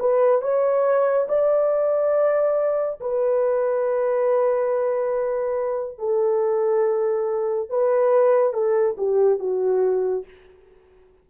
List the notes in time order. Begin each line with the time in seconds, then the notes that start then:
0.00 B4
0.42 C#5
1.29 D5
3.00 B4
5.98 A4
7.70 B4
8.53 A4
8.98 G4
9.39 F#4